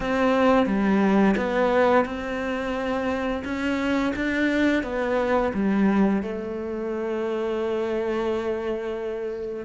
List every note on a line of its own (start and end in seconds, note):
0.00 0.66 C4
0.66 1.35 G3
1.36 2.05 B3
2.05 3.43 C4
3.44 4.13 C#4
4.15 4.83 D4
4.83 5.52 B3
5.53 6.22 G3
6.22 9.65 A3